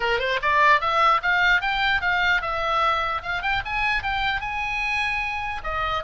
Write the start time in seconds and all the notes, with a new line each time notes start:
0.00 A#4
0.19 C5
0.42 D5
0.81 E5
1.22 F5
1.61 G5
2.01 F5
2.41 E5
3.22 F5
3.42 G5
3.65 G#5
4.02 G5
4.40 G#5
5.63 D#5